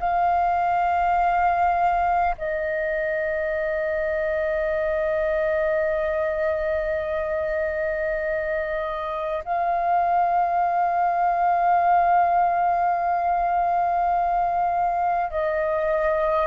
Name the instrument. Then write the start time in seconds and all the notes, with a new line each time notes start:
flute
0.00 F5
2.38 D#5
9.45 F5
15.31 D#5